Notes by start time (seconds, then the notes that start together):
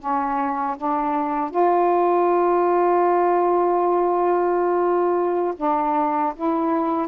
0.00 C#4
0.78 D4
1.51 F4
5.57 D4
6.36 E4